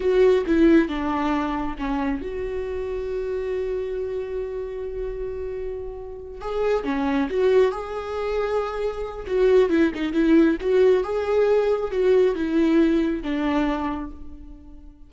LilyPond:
\new Staff \with { instrumentName = "viola" } { \time 4/4 \tempo 4 = 136 fis'4 e'4 d'2 | cis'4 fis'2.~ | fis'1~ | fis'2~ fis'8 gis'4 cis'8~ |
cis'8 fis'4 gis'2~ gis'8~ | gis'4 fis'4 e'8 dis'8 e'4 | fis'4 gis'2 fis'4 | e'2 d'2 | }